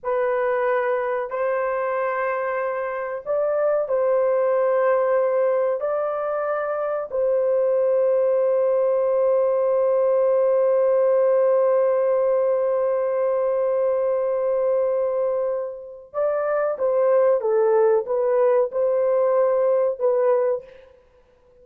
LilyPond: \new Staff \with { instrumentName = "horn" } { \time 4/4 \tempo 4 = 93 b'2 c''2~ | c''4 d''4 c''2~ | c''4 d''2 c''4~ | c''1~ |
c''1~ | c''1~ | c''4 d''4 c''4 a'4 | b'4 c''2 b'4 | }